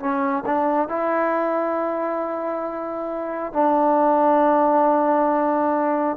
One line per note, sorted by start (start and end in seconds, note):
0.00 0.44 C#4
0.46 0.89 D4
0.89 3.53 E4
3.53 6.17 D4